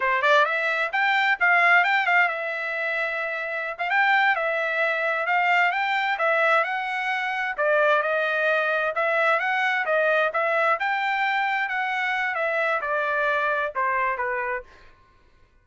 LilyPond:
\new Staff \with { instrumentName = "trumpet" } { \time 4/4 \tempo 4 = 131 c''8 d''8 e''4 g''4 f''4 | g''8 f''8 e''2.~ | e''16 f''16 g''4 e''2 f''8~ | f''8 g''4 e''4 fis''4.~ |
fis''8 d''4 dis''2 e''8~ | e''8 fis''4 dis''4 e''4 g''8~ | g''4. fis''4. e''4 | d''2 c''4 b'4 | }